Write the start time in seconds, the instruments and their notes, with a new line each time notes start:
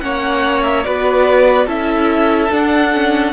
0.00 cello A#3, viola C#4, violin C#5 F#5
0.63 violin E5
0.84 cello B3, viola F#4, violin B4 D5
1.66 cello C#4, viola E4, violin A4 E5
2.50 viola D4, cello D4, violin F#5
2.94 viola C#4